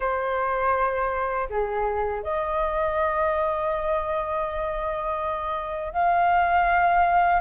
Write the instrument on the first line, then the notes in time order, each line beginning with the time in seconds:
flute
0.00 C5
1.49 G#4
2.23 D#5
5.92 F5